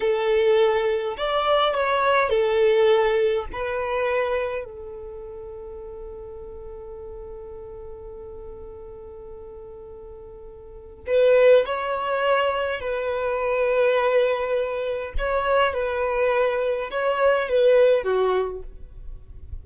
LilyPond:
\new Staff \with { instrumentName = "violin" } { \time 4/4 \tempo 4 = 103 a'2 d''4 cis''4 | a'2 b'2 | a'1~ | a'1~ |
a'2. b'4 | cis''2 b'2~ | b'2 cis''4 b'4~ | b'4 cis''4 b'4 fis'4 | }